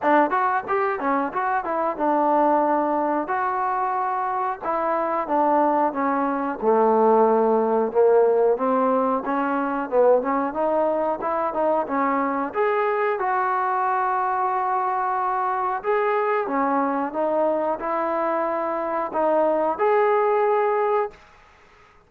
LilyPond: \new Staff \with { instrumentName = "trombone" } { \time 4/4 \tempo 4 = 91 d'8 fis'8 g'8 cis'8 fis'8 e'8 d'4~ | d'4 fis'2 e'4 | d'4 cis'4 a2 | ais4 c'4 cis'4 b8 cis'8 |
dis'4 e'8 dis'8 cis'4 gis'4 | fis'1 | gis'4 cis'4 dis'4 e'4~ | e'4 dis'4 gis'2 | }